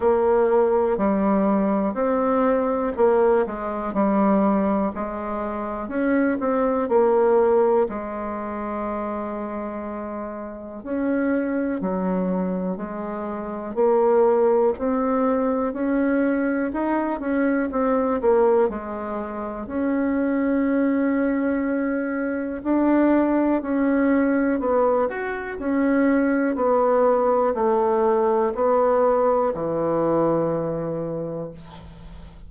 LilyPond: \new Staff \with { instrumentName = "bassoon" } { \time 4/4 \tempo 4 = 61 ais4 g4 c'4 ais8 gis8 | g4 gis4 cis'8 c'8 ais4 | gis2. cis'4 | fis4 gis4 ais4 c'4 |
cis'4 dis'8 cis'8 c'8 ais8 gis4 | cis'2. d'4 | cis'4 b8 fis'8 cis'4 b4 | a4 b4 e2 | }